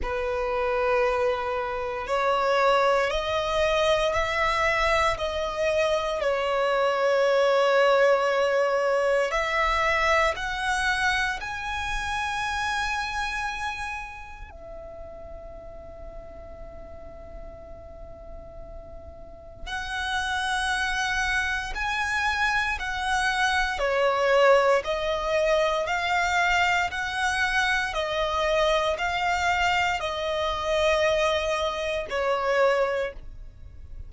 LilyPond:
\new Staff \with { instrumentName = "violin" } { \time 4/4 \tempo 4 = 58 b'2 cis''4 dis''4 | e''4 dis''4 cis''2~ | cis''4 e''4 fis''4 gis''4~ | gis''2 e''2~ |
e''2. fis''4~ | fis''4 gis''4 fis''4 cis''4 | dis''4 f''4 fis''4 dis''4 | f''4 dis''2 cis''4 | }